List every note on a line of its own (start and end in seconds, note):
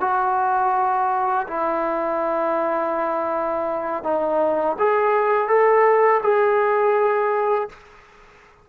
0.00 1.46 F#4
1.47 4.03 E4
4.03 4.76 D#4
4.79 5.47 G#4
5.47 6.21 A4
6.22 7.69 G#4